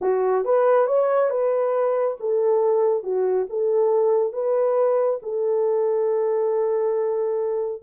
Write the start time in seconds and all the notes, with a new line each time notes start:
0.01 F#4
0.45 B4
0.86 C#5
1.30 B4
2.20 A4
3.03 F#4
3.49 A4
4.32 B4
5.22 A4